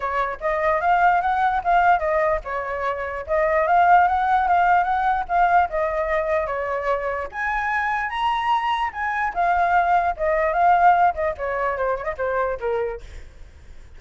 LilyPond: \new Staff \with { instrumentName = "flute" } { \time 4/4 \tempo 4 = 148 cis''4 dis''4 f''4 fis''4 | f''4 dis''4 cis''2 | dis''4 f''4 fis''4 f''4 | fis''4 f''4 dis''2 |
cis''2 gis''2 | ais''2 gis''4 f''4~ | f''4 dis''4 f''4. dis''8 | cis''4 c''8 cis''16 dis''16 c''4 ais'4 | }